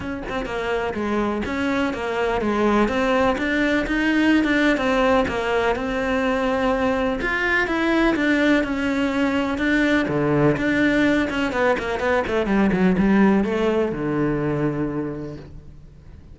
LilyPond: \new Staff \with { instrumentName = "cello" } { \time 4/4 \tempo 4 = 125 cis'8 c'8 ais4 gis4 cis'4 | ais4 gis4 c'4 d'4 | dis'4~ dis'16 d'8. c'4 ais4 | c'2. f'4 |
e'4 d'4 cis'2 | d'4 d4 d'4. cis'8 | b8 ais8 b8 a8 g8 fis8 g4 | a4 d2. | }